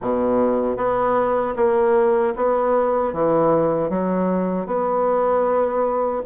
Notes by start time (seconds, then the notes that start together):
0.01 B2
0.77 B3
1.56 A#3
2.36 B3
3.13 E3
3.89 F#3
4.66 B3